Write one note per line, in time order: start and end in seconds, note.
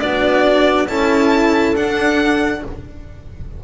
0.00 0.89 B3
0.00 0.87 D4
0.00 0.89 F#4
0.00 0.87 D5
0.88 1.75 C#4
0.88 1.76 E4
0.88 2.63 A4
0.88 1.75 A5
1.75 2.62 D4
1.75 2.63 D4
1.75 2.64 F#5